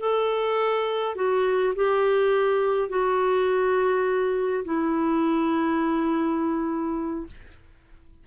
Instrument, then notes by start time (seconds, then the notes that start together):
clarinet
0.00 A4
1.16 F#4
1.76 G4
2.89 F#4
4.65 E4